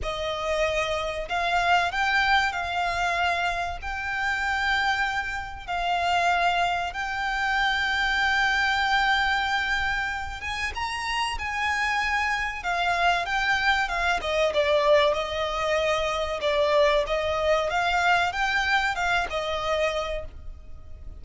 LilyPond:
\new Staff \with { instrumentName = "violin" } { \time 4/4 \tempo 4 = 95 dis''2 f''4 g''4 | f''2 g''2~ | g''4 f''2 g''4~ | g''1~ |
g''8 gis''8 ais''4 gis''2 | f''4 g''4 f''8 dis''8 d''4 | dis''2 d''4 dis''4 | f''4 g''4 f''8 dis''4. | }